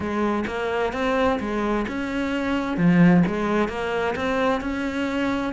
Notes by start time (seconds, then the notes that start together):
0.00 G#3
0.46 A#3
0.92 C4
1.39 G#3
1.88 C#4
2.77 F3
3.26 G#3
3.68 A#3
4.15 C4
4.61 C#4